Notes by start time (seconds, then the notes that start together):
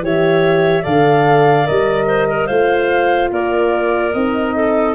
0.00 E3 G4 C#5 E5
0.82 D3 A4 D5 F5
1.65 G3 A#4 D#5
2.07 C5
2.29 A#4
2.47 A3 F4 C5 F5
3.31 A#3 A#4 D5
4.12 C4 D#4 D#5
4.55 A4